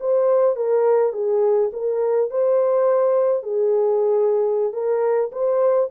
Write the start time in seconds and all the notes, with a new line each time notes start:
0.00 C5
0.56 A#4
1.13 G#4
1.73 A#4
2.30 C5
3.43 G#4
4.73 A#4
5.32 C5